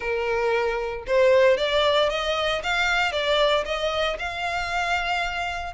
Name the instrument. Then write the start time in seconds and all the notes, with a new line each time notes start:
violin
0.00 A#4
1.06 C5
1.57 D5
2.09 D#5
2.63 F5
3.12 D5
3.65 D#5
4.19 F5